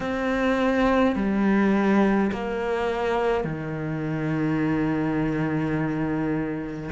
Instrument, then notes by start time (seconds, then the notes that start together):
cello
0.00 C4
1.15 G3
2.32 A#3
3.44 D#3